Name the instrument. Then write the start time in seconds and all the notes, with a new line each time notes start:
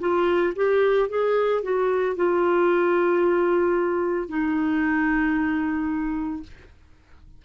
clarinet
0.00 F4
0.56 G4
1.09 G#4
1.63 F#4
2.16 F4
4.29 D#4